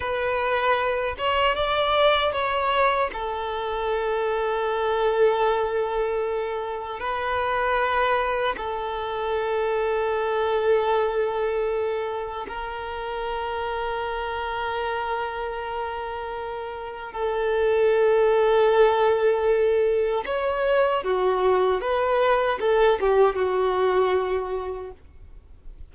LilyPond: \new Staff \with { instrumentName = "violin" } { \time 4/4 \tempo 4 = 77 b'4. cis''8 d''4 cis''4 | a'1~ | a'4 b'2 a'4~ | a'1 |
ais'1~ | ais'2 a'2~ | a'2 cis''4 fis'4 | b'4 a'8 g'8 fis'2 | }